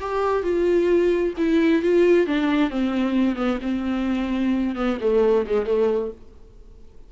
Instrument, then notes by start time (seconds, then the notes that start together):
viola
0.00 G4
0.43 F4
1.38 E4
1.82 F4
2.27 D4
2.70 C4
3.36 B3
3.62 C4
4.75 B3
5.01 A3
5.46 G#3
5.66 A3